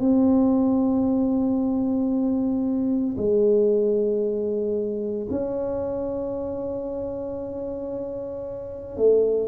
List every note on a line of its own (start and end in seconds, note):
0.00 3.16 C4
3.17 5.28 G#3
5.31 8.97 C#4
8.97 9.48 A3